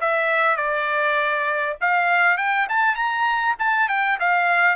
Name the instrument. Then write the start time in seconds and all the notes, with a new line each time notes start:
trumpet
0.00 E5
0.56 D5
1.81 F5
2.37 G5
2.69 A5
2.95 A#5
3.59 A5
3.88 G5
4.19 F5